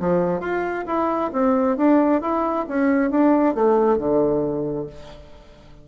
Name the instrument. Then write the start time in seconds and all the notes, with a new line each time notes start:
bassoon
0.00 F3
0.40 F4
0.86 E4
1.33 C4
1.77 D4
2.21 E4
2.68 C#4
3.11 D4
3.55 A3
3.98 D3